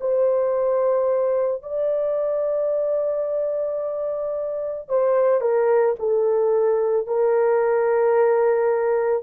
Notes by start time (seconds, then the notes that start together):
0.00 C5
1.62 D5
4.88 C5
5.40 A#4
5.99 A4
7.07 A#4